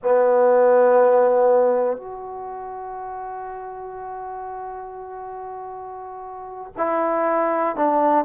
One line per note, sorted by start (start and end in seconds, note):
0.02 1.97 B3
1.97 6.72 F#4
6.77 7.75 E4
7.75 8.25 D4